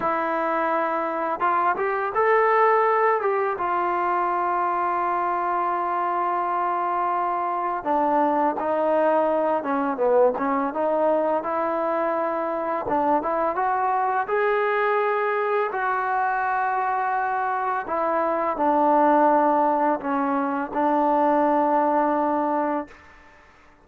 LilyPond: \new Staff \with { instrumentName = "trombone" } { \time 4/4 \tempo 4 = 84 e'2 f'8 g'8 a'4~ | a'8 g'8 f'2.~ | f'2. d'4 | dis'4. cis'8 b8 cis'8 dis'4 |
e'2 d'8 e'8 fis'4 | gis'2 fis'2~ | fis'4 e'4 d'2 | cis'4 d'2. | }